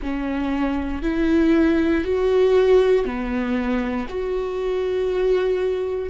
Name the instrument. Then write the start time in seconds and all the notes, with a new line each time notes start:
viola
0.02 C#4
1.02 E4
2.04 F#4
3.05 B3
4.09 F#4